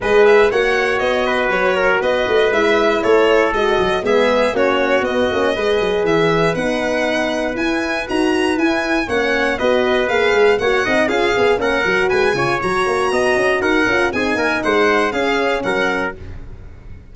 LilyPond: <<
  \new Staff \with { instrumentName = "violin" } { \time 4/4 \tempo 4 = 119 dis''8 e''8 fis''4 dis''4 cis''4 | dis''4 e''4 cis''4 dis''4 | e''4 cis''4 dis''2 | e''4 fis''2 gis''4 |
ais''4 gis''4 fis''4 dis''4 | f''4 fis''4 f''4 fis''4 | gis''4 ais''2 fis''4 | gis''4 fis''4 f''4 fis''4 | }
  \new Staff \with { instrumentName = "trumpet" } { \time 4/4 b'4 cis''4. b'4 ais'8 | b'2 a'2 | gis'4 fis'2 b'4~ | b'1~ |
b'2 cis''4 b'4~ | b'4 cis''8 dis''8 gis'4 ais'4 | b'8 cis''4. dis''4 ais'4 | gis'8 ais'8 c''4 gis'4 ais'4 | }
  \new Staff \with { instrumentName = "horn" } { \time 4/4 gis'4 fis'2.~ | fis'4 e'2 fis'4 | b4 cis'4 b8 cis'8 gis'4~ | gis'4 dis'2 e'4 |
fis'4 e'4 cis'4 fis'4 | gis'4 fis'8 dis'8 f'8 gis'8 cis'8 fis'8~ | fis'8 f'8 fis'2~ fis'8 f'8 | dis'2 cis'2 | }
  \new Staff \with { instrumentName = "tuba" } { \time 4/4 gis4 ais4 b4 fis4 | b8 a8 gis4 a4 gis8 fis8 | gis4 ais4 b8 ais8 gis8 fis8 | e4 b2 e'4 |
dis'4 e'4 ais4 b4 | ais8 gis8 ais8 c'8 cis'8 b8 ais8 fis8 | gis8 cis8 fis8 ais8 b8 cis'8 dis'8 cis'8 | c'8 ais8 gis4 cis'4 fis4 | }
>>